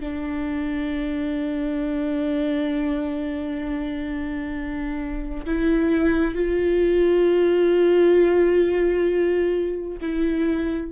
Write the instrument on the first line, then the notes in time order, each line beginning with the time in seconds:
viola
0.00 D4
5.45 E4
6.34 F4
10.01 E4